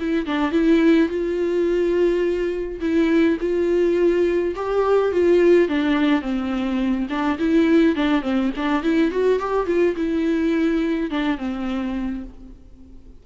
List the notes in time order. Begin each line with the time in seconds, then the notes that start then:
0.00 E4
0.26 D4
0.52 E4
1.09 F4
2.81 E4
3.41 F4
4.56 G4
5.12 F4
5.69 D4
6.22 C4
7.10 D4
7.39 E4
7.96 D4
8.23 C4
8.57 D4
8.83 E4
9.11 F#4
9.40 G4
9.67 F4
9.97 E4
11.11 D4
11.38 C4